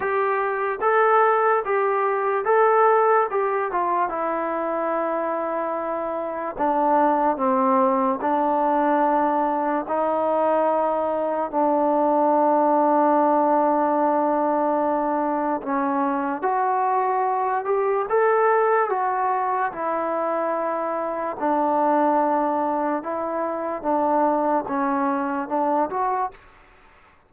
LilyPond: \new Staff \with { instrumentName = "trombone" } { \time 4/4 \tempo 4 = 73 g'4 a'4 g'4 a'4 | g'8 f'8 e'2. | d'4 c'4 d'2 | dis'2 d'2~ |
d'2. cis'4 | fis'4. g'8 a'4 fis'4 | e'2 d'2 | e'4 d'4 cis'4 d'8 fis'8 | }